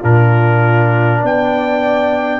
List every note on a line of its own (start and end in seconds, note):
0.00 1.23 A#2
0.00 2.40 D4
0.00 1.20 F4
0.00 1.24 A#4
1.21 2.40 B3
1.21 2.40 D5
1.21 2.40 G5